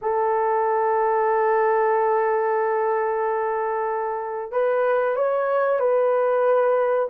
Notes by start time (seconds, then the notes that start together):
0.01 A4
4.51 B4
5.16 C#5
5.79 B4